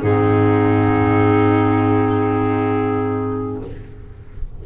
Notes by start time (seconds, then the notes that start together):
0.00 G#2 C4 D#4 G#4